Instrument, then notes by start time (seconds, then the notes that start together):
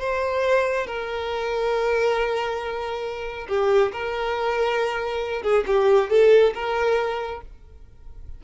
violin
0.00 C5
0.87 A#4
3.48 G4
3.92 A#4
5.43 G#4
5.67 G4
6.10 A4
6.54 A#4